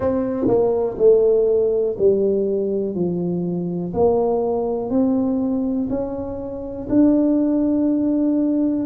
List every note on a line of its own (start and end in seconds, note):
0.00 0.47 C4
0.47 0.96 A#3
0.98 1.96 A3
1.98 2.95 G3
2.95 3.93 F3
3.93 4.90 A#3
4.90 5.88 C4
5.89 6.88 C#4
6.89 8.85 D4